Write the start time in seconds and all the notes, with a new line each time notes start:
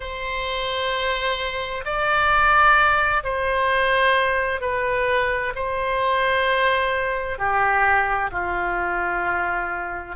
0.00 C5
1.85 D5
3.23 C5
4.61 B4
5.55 C5
7.38 G4
8.31 F4